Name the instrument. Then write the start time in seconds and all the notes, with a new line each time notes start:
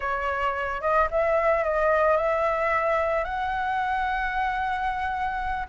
flute
0.00 C#5
0.81 D#5
1.10 E5
1.63 D#5
2.16 E5
3.24 F#5